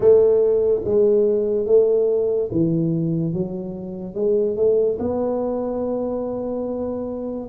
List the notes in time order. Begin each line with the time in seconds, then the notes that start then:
0.00 A3
0.84 G#3
1.66 A3
2.52 E3
3.33 F#3
4.14 G#3
4.56 A3
4.99 B3